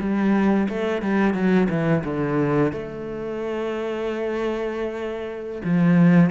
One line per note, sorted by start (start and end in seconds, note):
0.00 0.68 G3
0.69 1.02 A3
1.02 1.34 G3
1.34 1.68 F#3
1.70 2.04 E3
2.04 2.72 D3
2.72 5.62 A3
5.64 6.30 F3